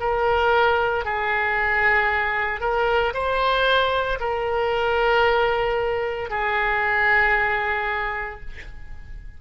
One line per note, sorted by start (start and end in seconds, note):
0.00 1.05 A#4
1.05 2.61 G#4
2.61 3.13 A#4
3.14 4.19 C5
4.20 6.31 A#4
6.31 8.41 G#4